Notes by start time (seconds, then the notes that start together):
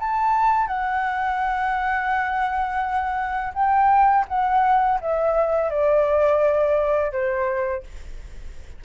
0.00 A5
0.68 F#5
3.54 G5
4.28 F#5
5.01 E5
5.70 D5
7.12 C5